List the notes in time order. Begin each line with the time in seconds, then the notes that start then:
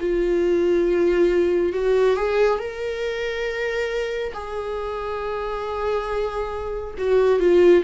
0.00 F4
1.72 F#4
2.16 G#4
2.58 A#4
4.33 G#4
6.98 F#4
7.40 F4